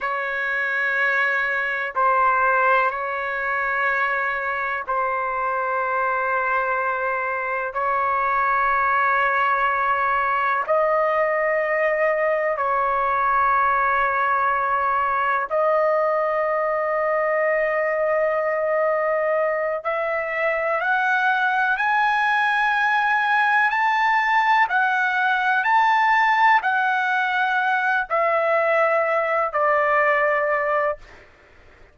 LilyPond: \new Staff \with { instrumentName = "trumpet" } { \time 4/4 \tempo 4 = 62 cis''2 c''4 cis''4~ | cis''4 c''2. | cis''2. dis''4~ | dis''4 cis''2. |
dis''1~ | dis''8 e''4 fis''4 gis''4.~ | gis''8 a''4 fis''4 a''4 fis''8~ | fis''4 e''4. d''4. | }